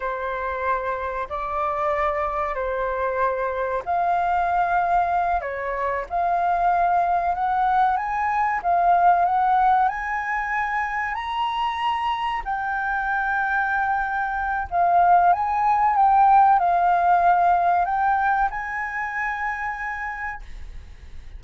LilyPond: \new Staff \with { instrumentName = "flute" } { \time 4/4 \tempo 4 = 94 c''2 d''2 | c''2 f''2~ | f''8 cis''4 f''2 fis''8~ | fis''8 gis''4 f''4 fis''4 gis''8~ |
gis''4. ais''2 g''8~ | g''2. f''4 | gis''4 g''4 f''2 | g''4 gis''2. | }